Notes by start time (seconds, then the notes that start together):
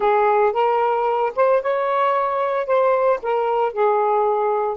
0.00 G#4
0.52 A#4
1.35 C5
1.62 C#5
2.66 C5
3.22 A#4
3.72 G#4